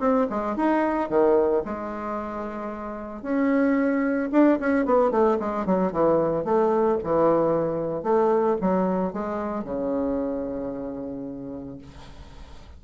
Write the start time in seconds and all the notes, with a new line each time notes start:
0.00 C4
0.30 G#3
0.56 D#4
1.10 D#3
1.66 G#3
3.22 C#4
4.32 D4
4.60 C#4
4.86 B3
5.11 A3
5.40 G#3
5.66 F#3
5.92 E3
6.45 A3
7.03 E3
8.03 A3
8.62 F#3
9.13 G#3
9.64 C#3